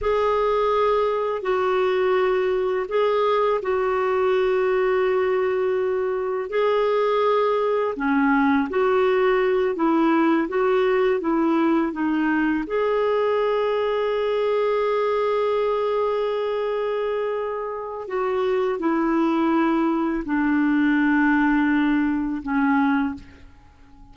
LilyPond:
\new Staff \with { instrumentName = "clarinet" } { \time 4/4 \tempo 4 = 83 gis'2 fis'2 | gis'4 fis'2.~ | fis'4 gis'2 cis'4 | fis'4. e'4 fis'4 e'8~ |
e'8 dis'4 gis'2~ gis'8~ | gis'1~ | gis'4 fis'4 e'2 | d'2. cis'4 | }